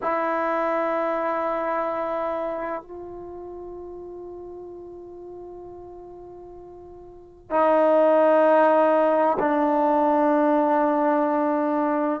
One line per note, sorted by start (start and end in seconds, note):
0.02 2.82 E4
2.82 7.50 F4
7.50 9.37 D#4
9.39 12.20 D4